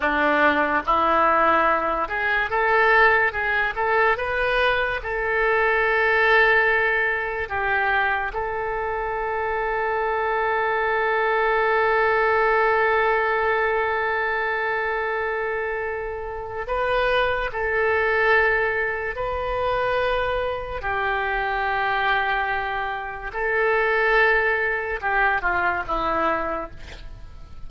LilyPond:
\new Staff \with { instrumentName = "oboe" } { \time 4/4 \tempo 4 = 72 d'4 e'4. gis'8 a'4 | gis'8 a'8 b'4 a'2~ | a'4 g'4 a'2~ | a'1~ |
a'1 | b'4 a'2 b'4~ | b'4 g'2. | a'2 g'8 f'8 e'4 | }